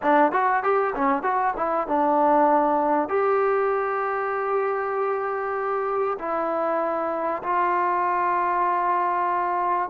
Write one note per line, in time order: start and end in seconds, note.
0.02 0.32 D4
0.32 0.63 F#4
0.63 0.94 G4
0.95 1.23 C#4
1.23 1.54 F#4
1.56 1.87 E4
1.87 3.08 D4
3.08 6.18 G4
6.19 7.42 E4
7.42 9.89 F4